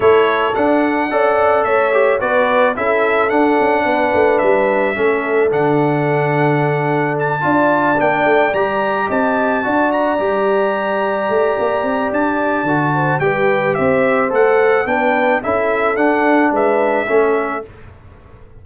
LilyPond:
<<
  \new Staff \with { instrumentName = "trumpet" } { \time 4/4 \tempo 4 = 109 cis''4 fis''2 e''4 | d''4 e''4 fis''2 | e''2 fis''2~ | fis''4 a''4. g''4 ais''8~ |
ais''8 a''4. ais''2~ | ais''2 a''2 | g''4 e''4 fis''4 g''4 | e''4 fis''4 e''2 | }
  \new Staff \with { instrumentName = "horn" } { \time 4/4 a'2 d''4 cis''4 | b'4 a'2 b'4~ | b'4 a'2.~ | a'4. d''2~ d''8~ |
d''8 dis''4 d''2~ d''8~ | d''2.~ d''8 c''8 | b'4 c''2 b'4 | a'2 b'4 a'4 | }
  \new Staff \with { instrumentName = "trombone" } { \time 4/4 e'4 d'4 a'4. g'8 | fis'4 e'4 d'2~ | d'4 cis'4 d'2~ | d'4. f'4 d'4 g'8~ |
g'4. fis'4 g'4.~ | g'2. fis'4 | g'2 a'4 d'4 | e'4 d'2 cis'4 | }
  \new Staff \with { instrumentName = "tuba" } { \time 4/4 a4 d'4 cis'4 a4 | b4 cis'4 d'8 cis'8 b8 a8 | g4 a4 d2~ | d4. d'4 ais8 a8 g8~ |
g8 c'4 d'4 g4.~ | g8 a8 ais8 c'8 d'4 d4 | g4 c'4 a4 b4 | cis'4 d'4 gis4 a4 | }
>>